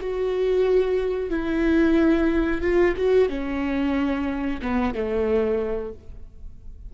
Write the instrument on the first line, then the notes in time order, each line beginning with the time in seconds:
viola
0.00 F#4
1.30 E4
2.61 F4
2.96 F#4
3.28 C#4
4.62 B3
4.94 A3